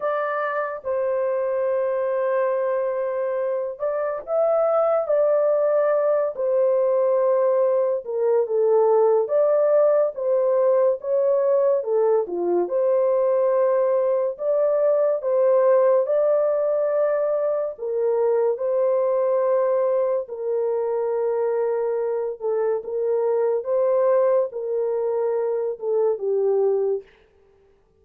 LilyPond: \new Staff \with { instrumentName = "horn" } { \time 4/4 \tempo 4 = 71 d''4 c''2.~ | c''8 d''8 e''4 d''4. c''8~ | c''4. ais'8 a'4 d''4 | c''4 cis''4 a'8 f'8 c''4~ |
c''4 d''4 c''4 d''4~ | d''4 ais'4 c''2 | ais'2~ ais'8 a'8 ais'4 | c''4 ais'4. a'8 g'4 | }